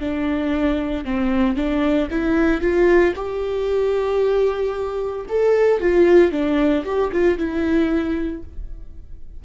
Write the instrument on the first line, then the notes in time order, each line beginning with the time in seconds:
viola
0.00 D4
1.05 C4
1.56 D4
2.11 E4
2.61 F4
3.16 G4
5.29 A4
5.80 F4
6.32 D4
6.85 G4
7.12 F4
7.38 E4